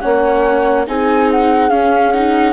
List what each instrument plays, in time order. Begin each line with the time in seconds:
0.00 bassoon A#3, viola C#4, horn C#5, flute F#5
0.87 bassoon C4, viola D#4, horn G#4, flute G#5
1.31 flute F#5
1.70 viola C#4, bassoon C#4, flute F5
2.11 viola D#4, flute F#5